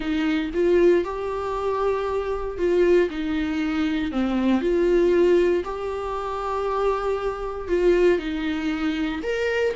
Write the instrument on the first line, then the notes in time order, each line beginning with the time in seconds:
viola
0.00 D#4
0.54 F4
1.04 G4
2.58 F4
3.10 D#4
4.11 C4
4.61 F4
5.64 G4
7.67 F4
8.18 D#4
9.22 A#4